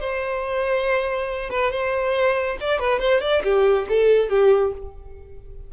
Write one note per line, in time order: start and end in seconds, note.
0.00 1.50 C5
1.50 1.71 B4
1.71 2.57 C5
2.60 2.79 D5
2.79 2.99 B4
2.99 3.21 C5
3.21 3.42 D5
3.44 3.87 G4
3.89 4.29 A4
4.29 4.72 G4